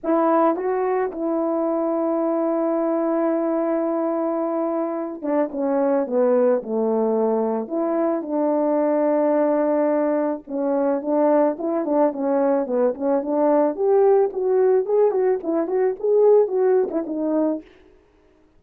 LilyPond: \new Staff \with { instrumentName = "horn" } { \time 4/4 \tempo 4 = 109 e'4 fis'4 e'2~ | e'1~ | e'4. d'8 cis'4 b4 | a2 e'4 d'4~ |
d'2. cis'4 | d'4 e'8 d'8 cis'4 b8 cis'8 | d'4 g'4 fis'4 gis'8 fis'8 | e'8 fis'8 gis'4 fis'8. e'16 dis'4 | }